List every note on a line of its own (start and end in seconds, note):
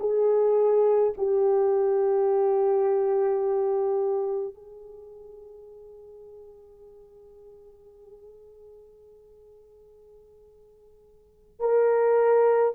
0.00 1.13 G#4
1.17 4.54 G4
4.54 11.60 G#4
11.60 12.73 A#4